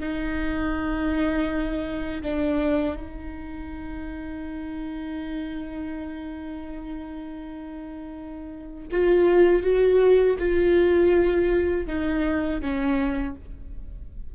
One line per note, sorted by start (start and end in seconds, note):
0.00 2.22 D#4
2.23 2.96 D4
2.96 8.89 D#4
8.92 9.63 F4
9.63 10.37 F#4
10.39 11.87 F4
11.87 12.61 D#4
12.61 13.35 C#4